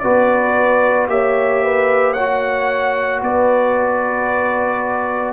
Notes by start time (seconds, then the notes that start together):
0.00 B3 F#4 B4 D5
1.07 A#3 G4 C#5 E5
1.65 B4
2.13 F#4 C#5 F#5
3.22 B3 B4 D5